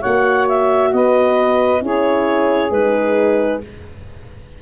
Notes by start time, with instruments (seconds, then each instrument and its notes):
0.00 tuba A#3, horn F#4, saxophone C#5, clarinet F#5
0.48 clarinet E5
0.93 tuba B3, saxophone B4, clarinet D#5
1.80 tuba C#4, horn E4, saxophone G#4, clarinet C#5
2.71 tuba G#3, horn D#4, clarinet B4